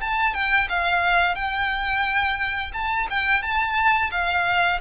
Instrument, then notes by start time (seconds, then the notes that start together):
violin
0.00 A5
0.33 G5
0.69 F5
1.35 G5
2.73 A5
3.10 G5
3.42 A5
4.11 F5